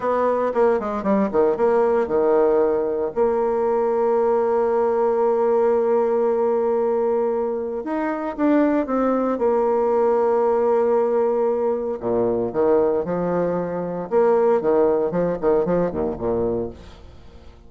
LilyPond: \new Staff \with { instrumentName = "bassoon" } { \time 4/4 \tempo 4 = 115 b4 ais8 gis8 g8 dis8 ais4 | dis2 ais2~ | ais1~ | ais2. dis'4 |
d'4 c'4 ais2~ | ais2. ais,4 | dis4 f2 ais4 | dis4 f8 dis8 f8 dis,8 ais,4 | }